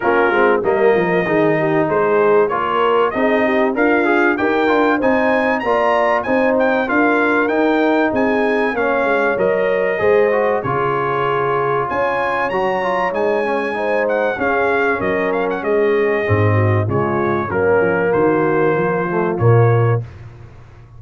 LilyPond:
<<
  \new Staff \with { instrumentName = "trumpet" } { \time 4/4 \tempo 4 = 96 ais'4 dis''2 c''4 | cis''4 dis''4 f''4 g''4 | gis''4 ais''4 gis''8 g''8 f''4 | g''4 gis''4 f''4 dis''4~ |
dis''4 cis''2 gis''4 | ais''4 gis''4. fis''8 f''4 | dis''8 f''16 fis''16 dis''2 cis''4 | ais'4 c''2 cis''4 | }
  \new Staff \with { instrumentName = "horn" } { \time 4/4 f'4 ais'4 gis'8 g'8 gis'4 | ais'4 gis'8 g'8 f'4 ais'4 | c''4 d''4 c''4 ais'4~ | ais'4 gis'4 cis''2 |
c''4 gis'2 cis''4~ | cis''2 c''4 gis'4 | ais'4 gis'4. fis'8 f'4 | cis'4 fis'4 f'2 | }
  \new Staff \with { instrumentName = "trombone" } { \time 4/4 cis'8 c'8 ais4 dis'2 | f'4 dis'4 ais'8 gis'8 g'8 f'8 | dis'4 f'4 dis'4 f'4 | dis'2 cis'4 ais'4 |
gis'8 fis'8 f'2. | fis'8 f'8 dis'8 cis'8 dis'4 cis'4~ | cis'2 c'4 gis4 | ais2~ ais8 a8 ais4 | }
  \new Staff \with { instrumentName = "tuba" } { \time 4/4 ais8 gis8 g8 f8 dis4 gis4 | ais4 c'4 d'4 dis'8 d'8 | c'4 ais4 c'4 d'4 | dis'4 c'4 ais8 gis8 fis4 |
gis4 cis2 cis'4 | fis4 gis2 cis'4 | fis4 gis4 gis,4 cis4 | fis8 f8 dis4 f4 ais,4 | }
>>